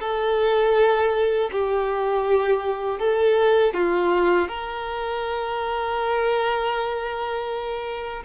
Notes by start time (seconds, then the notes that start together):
0.00 A4
1.52 G4
2.99 A4
3.74 F4
4.48 A#4